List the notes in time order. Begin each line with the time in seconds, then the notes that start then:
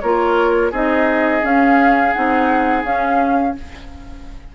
0.00 A#3 F4 A#4 C#5
0.71 C4 D#4 G#4 D#5
1.42 C#4 F5
2.13 C4 D#4 F#5
2.84 C#4 F5